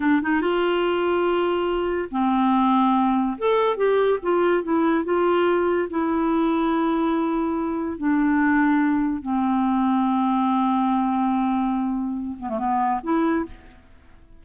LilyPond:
\new Staff \with { instrumentName = "clarinet" } { \time 4/4 \tempo 4 = 143 d'8 dis'8 f'2.~ | f'4 c'2. | a'4 g'4 f'4 e'4 | f'2 e'2~ |
e'2. d'4~ | d'2 c'2~ | c'1~ | c'4. b16 a16 b4 e'4 | }